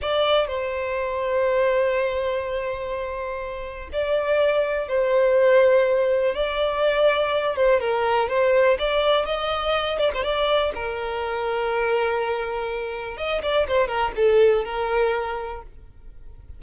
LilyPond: \new Staff \with { instrumentName = "violin" } { \time 4/4 \tempo 4 = 123 d''4 c''2.~ | c''1 | d''2 c''2~ | c''4 d''2~ d''8 c''8 |
ais'4 c''4 d''4 dis''4~ | dis''8 d''16 c''16 d''4 ais'2~ | ais'2. dis''8 d''8 | c''8 ais'8 a'4 ais'2 | }